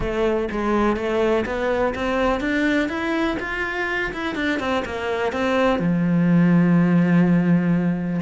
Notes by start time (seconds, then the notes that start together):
0.00 A3
0.51 G#3
0.96 A3
1.45 B3
1.94 C4
2.40 D4
2.88 E4
3.39 F4
4.13 E4
4.35 D4
4.59 C4
4.85 A#3
5.32 C4
5.79 F3